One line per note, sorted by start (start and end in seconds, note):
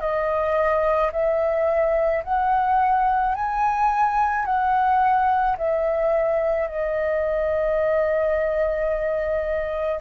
0.00 1.11 D#5
1.12 2.23 E5
2.24 3.35 F#5
3.35 4.45 G#5
4.45 5.57 F#5
5.58 6.68 E5
6.68 10.01 D#5